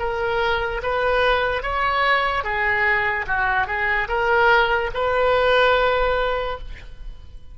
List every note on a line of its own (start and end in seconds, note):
0.00 0.82 A#4
0.83 1.63 B4
1.63 2.44 C#5
2.44 3.27 G#4
3.27 3.67 F#4
3.67 4.08 G#4
4.09 4.91 A#4
4.94 6.59 B4